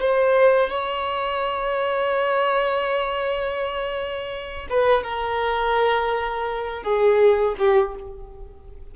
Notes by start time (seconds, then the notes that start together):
0.00 C5
0.69 C#5
4.70 B4
5.03 A#4
6.83 G#4
7.58 G4